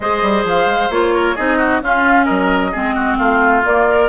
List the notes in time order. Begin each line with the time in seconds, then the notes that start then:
0.00 G#3 G#4 C5 D#5
0.22 G3
0.44 F3 F5
0.66 G#3
0.89 A#3 F4 C#5
1.14 A#4
1.35 C4 D#4 G#4 D#5
1.57 F#4
1.81 C#4 F4 F5
2.24 F#3 A#4 D#5
2.72 G#3 C4 G#4
2.94 F#4
3.17 A3 F4 F5
3.63 A#3 D5
3.88 A#4